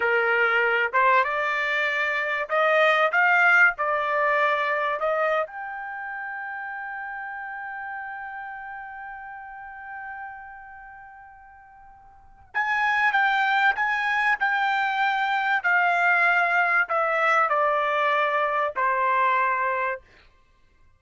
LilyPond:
\new Staff \with { instrumentName = "trumpet" } { \time 4/4 \tempo 4 = 96 ais'4. c''8 d''2 | dis''4 f''4 d''2 | dis''8. g''2.~ g''16~ | g''1~ |
g''1 | gis''4 g''4 gis''4 g''4~ | g''4 f''2 e''4 | d''2 c''2 | }